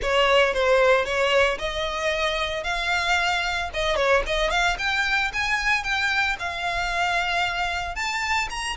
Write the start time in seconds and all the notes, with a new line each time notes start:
0.01 C#5
0.53 C5
1.05 C#5
1.58 D#5
2.63 F5
3.73 D#5
3.96 C#5
4.26 D#5
4.50 F5
4.78 G5
5.33 G#5
5.83 G5
6.39 F5
7.95 A5
8.50 A#5